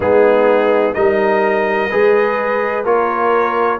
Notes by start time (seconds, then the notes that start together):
0.00 G#3 B3 D#4 G#4
0.93 G3 D#4 A#4 D#5
1.89 G#3 G#4 B4
2.84 A#3 F4 A#4 C#5